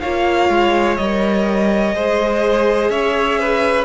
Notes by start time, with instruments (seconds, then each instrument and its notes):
0.00 cello A#3, viola F4, violin C#5 F5
0.49 cello G#3
0.97 cello G3, viola A#4, violin D#5
1.95 cello G#3, viola G#4, violin C5
2.90 cello C#4, violin C#5 E5
3.39 violin B4